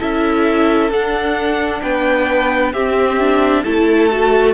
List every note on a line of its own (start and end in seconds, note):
0.00 0.91 C#4
0.00 0.91 E4
0.00 1.82 A4
0.00 0.91 E5
0.91 1.82 D4
0.91 2.75 D4
0.91 1.83 F#5
1.83 2.73 B3
1.83 2.73 B4
1.83 2.73 G5
2.73 3.64 C4
2.73 3.21 C4
2.73 3.64 G4
2.73 3.64 E5
3.21 3.65 D4
3.64 4.55 A3
3.64 4.11 E4
3.64 4.55 A4
3.64 4.55 A5
4.11 4.55 F#4